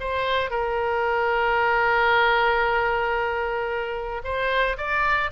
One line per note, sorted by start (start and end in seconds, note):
0.00 0.51 C5
0.51 4.22 A#4
4.24 4.77 C5
4.78 5.31 D5